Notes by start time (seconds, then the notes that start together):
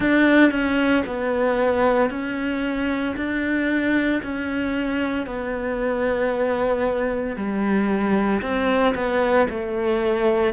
0.00 D4
0.51 C#4
1.06 B3
2.10 C#4
3.16 D4
4.22 C#4
5.26 B3
7.36 G3
8.42 C4
8.94 B3
9.49 A3